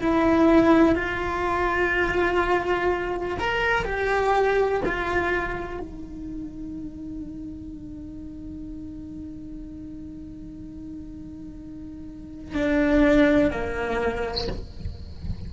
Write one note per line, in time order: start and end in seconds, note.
0.00 0.95 E4
0.95 3.37 F4
3.39 3.84 A#4
3.84 4.81 G4
4.85 5.79 F4
5.79 12.54 D#4
12.54 13.50 D4
13.50 14.47 A#3